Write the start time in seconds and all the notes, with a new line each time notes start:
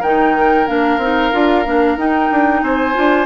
0.00 D#3 D#4 A#4 G5
0.67 A#3 D4 F5
0.98 C4 D#4
1.32 D4 F4
1.66 A#3 D4
1.96 D#4 G5
2.31 D4
2.62 C4 C5 G#5
2.94 D4 F4